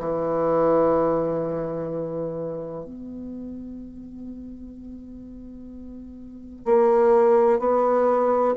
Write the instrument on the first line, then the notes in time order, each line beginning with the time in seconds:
bassoon
0.00 E3
2.85 B3
6.66 A#3
7.60 B3